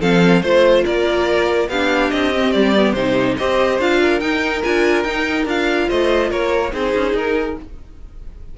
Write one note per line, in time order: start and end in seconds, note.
0.00 0.42 F3
0.00 0.42 C4
0.00 0.42 A4
0.00 0.42 F5
0.42 0.84 A3
0.42 1.69 F4
0.42 0.84 C5
0.85 1.69 A#3
0.85 1.69 A#4
0.85 1.69 D5
1.69 2.11 B3
1.69 2.33 D4
1.69 3.38 G4
1.69 2.10 F5
2.10 2.55 C4
2.10 2.52 D#5
2.33 2.75 C4
2.52 2.93 G3
2.52 2.93 D5
2.75 2.96 B3
2.93 3.35 C3
2.93 3.39 D#4
2.93 3.35 C5
3.37 3.79 C4
3.37 3.80 G4
3.37 4.01 C5
3.37 3.79 D#5
3.79 4.21 D4
3.79 4.21 F4
3.79 4.20 F5
4.01 5.88 A#4
4.20 4.62 D#4
4.20 4.63 D#4
4.20 4.62 G5
4.64 5.04 D4
4.64 5.05 F4
4.64 5.03 G#5
5.03 5.45 D#4
5.03 5.47 D#4
5.03 5.45 G5
5.45 5.87 D4
5.45 6.71 F4
5.45 5.90 F5
5.88 6.31 A3
5.88 6.30 C5
5.88 6.31 D#5
6.30 6.73 A#3
6.30 6.72 A#4
6.30 6.73 C#5
6.71 6.94 C4
6.71 7.55 D#4
6.71 7.57 G#4
6.71 7.16 C5
6.95 7.13 C#4
7.13 7.55 D#4
7.13 7.58 A#4